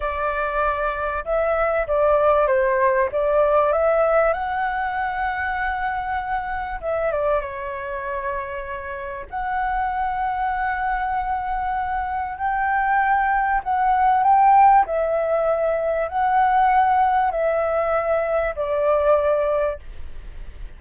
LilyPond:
\new Staff \with { instrumentName = "flute" } { \time 4/4 \tempo 4 = 97 d''2 e''4 d''4 | c''4 d''4 e''4 fis''4~ | fis''2. e''8 d''8 | cis''2. fis''4~ |
fis''1 | g''2 fis''4 g''4 | e''2 fis''2 | e''2 d''2 | }